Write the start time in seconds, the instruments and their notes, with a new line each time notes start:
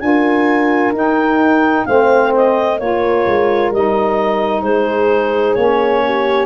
0.00 tuba D4, saxophone F4, horn A#4, clarinet G#5
0.93 tuba D#4, saxophone D#4, clarinet G5
1.86 tuba A3, saxophone C4, horn C5, clarinet F5
2.36 clarinet D#5
2.79 tuba A#3, saxophone F4, horn A#4, clarinet C#5
3.27 tuba G#3
3.71 tuba G3, saxophone D#4, clarinet D#5
4.62 tuba G#3, horn G#4, clarinet C5
5.54 tuba A#3, saxophone C#4, clarinet C#5
6.05 horn G4